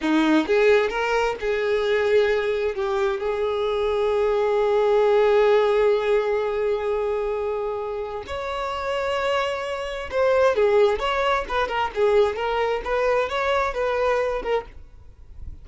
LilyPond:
\new Staff \with { instrumentName = "violin" } { \time 4/4 \tempo 4 = 131 dis'4 gis'4 ais'4 gis'4~ | gis'2 g'4 gis'4~ | gis'1~ | gis'1~ |
gis'2 cis''2~ | cis''2 c''4 gis'4 | cis''4 b'8 ais'8 gis'4 ais'4 | b'4 cis''4 b'4. ais'8 | }